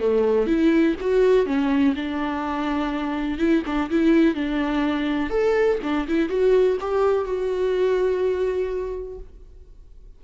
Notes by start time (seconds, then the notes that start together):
0.00 A3
0.47 E4
1.01 F#4
1.46 C#4
1.96 D4
3.39 E4
3.66 D4
3.90 E4
4.35 D4
5.30 A4
5.83 D4
6.08 E4
6.29 F#4
6.81 G4
7.25 F#4